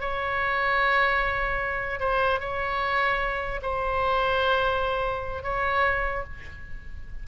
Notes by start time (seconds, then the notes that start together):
0.00 C#5
2.00 C5
2.40 C#5
3.62 C5
5.43 C#5